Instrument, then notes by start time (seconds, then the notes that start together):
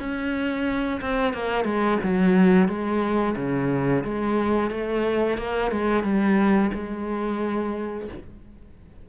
cello
0.00 C#4
1.01 C4
1.34 A#3
1.65 G#3
2.03 F#3
2.68 G#3
3.37 C#3
4.04 G#3
4.71 A3
5.38 A#3
5.72 G#3
6.04 G3
6.74 G#3